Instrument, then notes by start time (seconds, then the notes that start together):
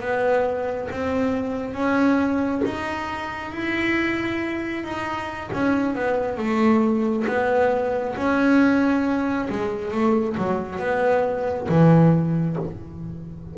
double bass
0.00 B3
0.91 C4
1.73 C#4
2.64 D#4
3.51 E4
4.83 D#4
5.53 C#4
5.95 B3
6.37 A3
7.27 B3
8.16 C#4
9.49 G#3
9.91 A3
10.37 F#3
10.78 B3
11.68 E3